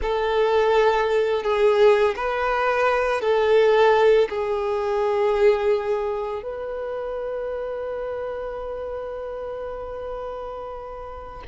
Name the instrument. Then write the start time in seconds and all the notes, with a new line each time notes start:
violin
0.02 A4
1.43 G#4
2.16 B4
3.21 A4
4.29 G#4
6.43 B4